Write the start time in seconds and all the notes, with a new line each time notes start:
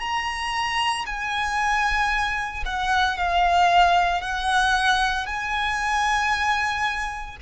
0.00 A#5
1.06 G#5
2.66 F#5
3.18 F5
4.21 F#5
5.26 G#5